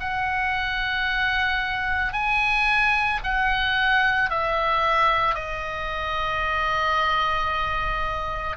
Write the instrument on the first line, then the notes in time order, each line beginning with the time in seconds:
oboe
0.00 F#5
2.13 G#5
3.23 F#5
4.30 E5
5.35 D#5